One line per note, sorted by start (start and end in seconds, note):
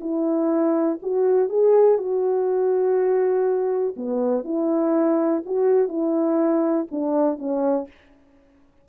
0.00 0.98 E4
1.02 1.49 F#4
1.49 1.98 G#4
1.98 3.94 F#4
3.96 4.44 B3
4.44 5.43 E4
5.45 5.88 F#4
5.88 6.87 E4
6.91 7.38 D4
7.38 7.87 C#4